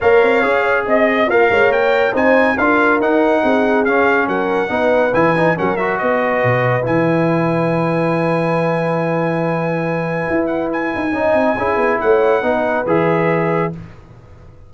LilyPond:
<<
  \new Staff \with { instrumentName = "trumpet" } { \time 4/4 \tempo 4 = 140 f''2 dis''4 f''4 | g''4 gis''4 f''4 fis''4~ | fis''4 f''4 fis''2 | gis''4 fis''8 e''8 dis''2 |
gis''1~ | gis''1~ | gis''8 fis''8 gis''2. | fis''2 e''2 | }
  \new Staff \with { instrumentName = "horn" } { \time 4/4 cis''2 dis''4 f'8 cis''8~ | cis''4 c''4 ais'2 | gis'2 ais'4 b'4~ | b'4 ais'4 b'2~ |
b'1~ | b'1~ | b'2 dis''4 gis'4 | cis''4 b'2. | }
  \new Staff \with { instrumentName = "trombone" } { \time 4/4 ais'4 gis'2 ais'4~ | ais'4 dis'4 f'4 dis'4~ | dis'4 cis'2 dis'4 | e'8 dis'8 cis'8 fis'2~ fis'8 |
e'1~ | e'1~ | e'2 dis'4 e'4~ | e'4 dis'4 gis'2 | }
  \new Staff \with { instrumentName = "tuba" } { \time 4/4 ais8 c'8 cis'4 c'4 ais8 gis8 | ais4 c'4 d'4 dis'4 | c'4 cis'4 fis4 b4 | e4 fis4 b4 b,4 |
e1~ | e1 | e'4. dis'8 cis'8 c'8 cis'8 b8 | a4 b4 e2 | }
>>